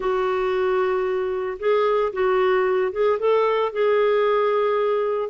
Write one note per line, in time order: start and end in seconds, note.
0.00 1.58 F#4
1.59 2.12 G#4
2.12 2.92 F#4
2.92 3.18 G#4
3.19 3.72 A4
3.72 5.29 G#4